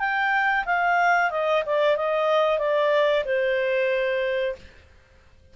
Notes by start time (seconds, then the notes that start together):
0.00 G5
0.66 F5
1.31 D#5
1.66 D5
1.97 D#5
2.59 D5
3.25 C5